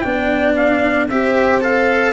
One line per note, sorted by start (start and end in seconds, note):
0.00 1.09 B3
0.00 1.09 D4
0.00 1.10 D5
0.00 0.53 G5
0.56 1.09 F5
1.09 2.13 C4
1.09 1.61 G4
1.09 2.13 C5
1.09 1.62 E5
1.61 2.13 A4
1.61 2.13 F5